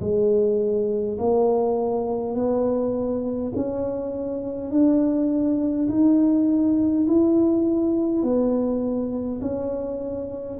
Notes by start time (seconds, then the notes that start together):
0.00 G#3
1.18 A#3
2.35 B3
3.56 C#4
4.71 D4
5.88 D#4
7.07 E4
8.22 B3
9.41 C#4